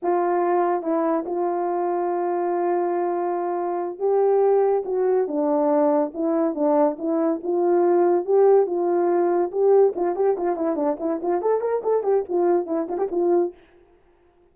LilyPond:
\new Staff \with { instrumentName = "horn" } { \time 4/4 \tempo 4 = 142 f'2 e'4 f'4~ | f'1~ | f'4. g'2 fis'8~ | fis'8 d'2 e'4 d'8~ |
d'8 e'4 f'2 g'8~ | g'8 f'2 g'4 f'8 | g'8 f'8 e'8 d'8 e'8 f'8 a'8 ais'8 | a'8 g'8 f'4 e'8 f'16 g'16 f'4 | }